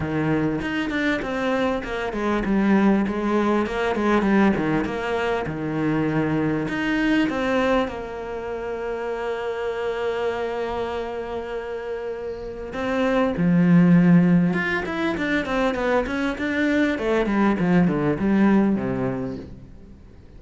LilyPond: \new Staff \with { instrumentName = "cello" } { \time 4/4 \tempo 4 = 99 dis4 dis'8 d'8 c'4 ais8 gis8 | g4 gis4 ais8 gis8 g8 dis8 | ais4 dis2 dis'4 | c'4 ais2.~ |
ais1~ | ais4 c'4 f2 | f'8 e'8 d'8 c'8 b8 cis'8 d'4 | a8 g8 f8 d8 g4 c4 | }